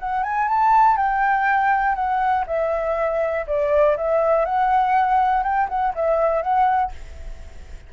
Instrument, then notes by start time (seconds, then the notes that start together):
flute
0.00 F#5
0.24 G#5
0.48 A5
0.97 G5
1.95 F#5
2.47 E5
3.47 D5
3.97 E5
4.46 F#5
5.43 G5
5.69 F#5
5.95 E5
6.43 F#5